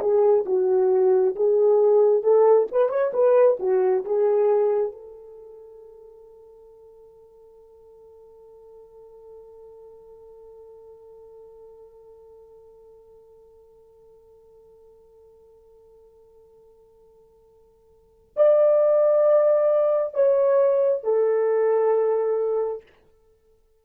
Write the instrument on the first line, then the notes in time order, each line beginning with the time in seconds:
horn
0.00 G#4
0.45 F#4
1.36 G#4
2.23 A4
2.72 B4
2.89 C#5
3.13 B4
3.59 F#4
4.05 G#4
4.92 A4
18.36 D5
20.14 C#5
21.04 A4